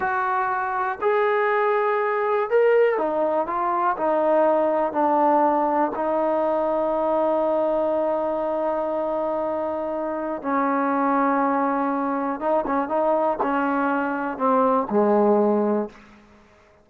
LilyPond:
\new Staff \with { instrumentName = "trombone" } { \time 4/4 \tempo 4 = 121 fis'2 gis'2~ | gis'4 ais'4 dis'4 f'4 | dis'2 d'2 | dis'1~ |
dis'1~ | dis'4 cis'2.~ | cis'4 dis'8 cis'8 dis'4 cis'4~ | cis'4 c'4 gis2 | }